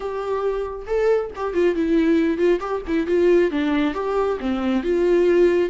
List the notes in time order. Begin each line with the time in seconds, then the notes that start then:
0.00 G4
0.87 A4
1.35 G4
1.53 F4
1.75 E4
2.37 F4
2.60 G4
2.87 E4
3.07 F4
3.51 D4
3.94 G4
4.40 C4
4.83 F4